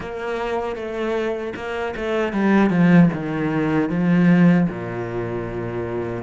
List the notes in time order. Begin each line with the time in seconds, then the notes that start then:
0.00 A#3
0.75 A3
1.55 A#3
1.96 A3
2.32 G3
2.70 F3
3.13 D#3
3.89 F3
4.69 A#2